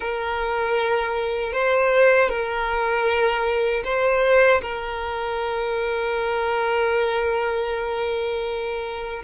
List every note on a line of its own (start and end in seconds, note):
0.00 1.52 A#4
1.52 2.29 C5
2.29 3.83 A#4
3.84 4.61 C5
4.61 9.23 A#4